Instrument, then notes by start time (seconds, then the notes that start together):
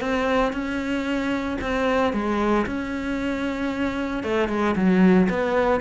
cello
0.00 C4
0.52 C#4
1.61 C4
2.13 G#3
2.66 C#4
4.23 A3
4.49 G#3
4.76 F#3
5.29 B3